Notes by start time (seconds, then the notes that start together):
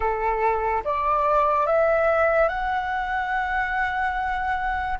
0.00 A4
0.84 D5
1.66 E5
2.48 F#5